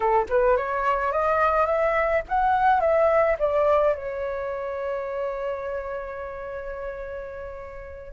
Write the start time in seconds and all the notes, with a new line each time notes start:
0.00 A4
0.29 B4
0.56 C#5
1.11 D#5
1.65 E5
2.28 F#5
2.80 E5
3.38 D5
3.94 C#5